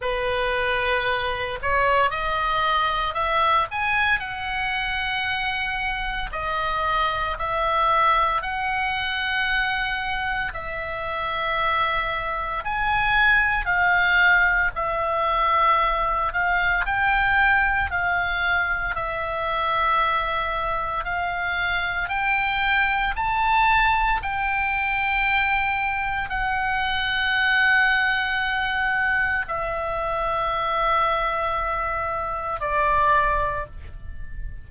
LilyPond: \new Staff \with { instrumentName = "oboe" } { \time 4/4 \tempo 4 = 57 b'4. cis''8 dis''4 e''8 gis''8 | fis''2 dis''4 e''4 | fis''2 e''2 | gis''4 f''4 e''4. f''8 |
g''4 f''4 e''2 | f''4 g''4 a''4 g''4~ | g''4 fis''2. | e''2. d''4 | }